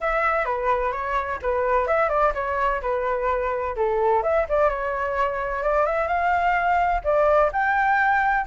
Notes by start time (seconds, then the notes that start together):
0.01 E5
0.45 B4
0.92 C#5
1.41 B4
1.87 E5
2.09 D5
2.34 C#5
2.81 B4
3.76 A4
4.22 E5
4.48 D5
4.69 C#5
5.62 D5
5.86 E5
6.07 F5
7.04 D5
7.52 G5